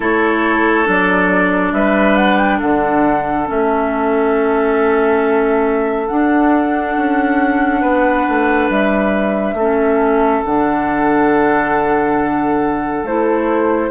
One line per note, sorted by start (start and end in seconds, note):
0.00 0.87 A3
0.00 0.84 E4
0.00 1.72 A4
0.00 0.89 C#5
0.84 1.72 F#3
0.84 3.45 D4
0.84 1.73 D5
1.72 2.59 G3
1.72 2.58 B4
1.72 2.16 E5
2.16 2.37 F#5
2.37 2.59 G5
2.58 3.49 D3
2.58 7.80 A4
2.58 3.47 F#5
3.46 6.10 A3
3.46 6.07 C#4
3.46 6.07 E5
6.07 9.56 D4
6.07 6.96 D4
6.07 8.68 F#5
6.96 7.82 C#4
7.80 8.26 B3
7.80 9.54 B4
8.28 8.69 A3
8.69 9.53 G3
8.69 10.43 E5
9.53 10.40 A3
9.53 13.90 A4
9.60 10.44 C#4
10.44 13.03 D3
10.44 13.05 D4
10.44 13.05 F#5
13.03 13.90 A3
13.03 13.90 E4
13.03 13.90 C5